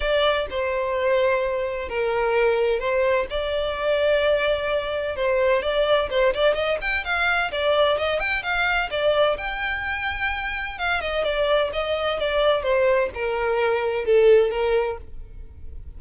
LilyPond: \new Staff \with { instrumentName = "violin" } { \time 4/4 \tempo 4 = 128 d''4 c''2. | ais'2 c''4 d''4~ | d''2. c''4 | d''4 c''8 d''8 dis''8 g''8 f''4 |
d''4 dis''8 g''8 f''4 d''4 | g''2. f''8 dis''8 | d''4 dis''4 d''4 c''4 | ais'2 a'4 ais'4 | }